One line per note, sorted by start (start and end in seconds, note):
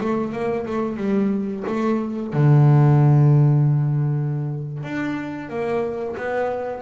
0.00 0.32 A3
0.32 0.65 A#3
0.66 0.97 A3
0.97 1.63 G3
1.66 2.33 A3
2.33 4.83 D3
4.83 5.49 D4
5.49 6.15 A#3
6.16 6.82 B3